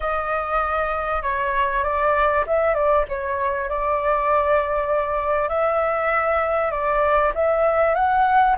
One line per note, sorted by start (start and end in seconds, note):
0.00 1.22 D#5
1.22 1.83 C#5
1.83 2.44 D5
2.47 2.74 E5
2.74 3.04 D5
3.08 3.69 C#5
3.69 5.49 D5
5.49 6.71 E5
6.71 7.32 D5
7.34 7.95 E5
7.95 8.56 F#5